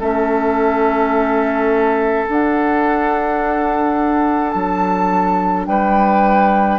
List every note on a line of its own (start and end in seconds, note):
0.00 2.27 A3
0.00 2.26 C#4
0.00 5.66 A4
0.00 2.28 E5
2.26 6.79 D4
2.26 4.54 D4
2.26 4.51 F#5
4.51 5.67 F#3
4.51 5.64 A5
5.67 6.79 G3
5.67 6.79 B4
5.67 6.79 G5